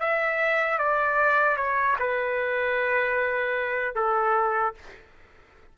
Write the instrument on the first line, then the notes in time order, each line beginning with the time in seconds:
trumpet
0.00 E5
0.78 D5
1.57 C#5
1.99 B4
3.95 A4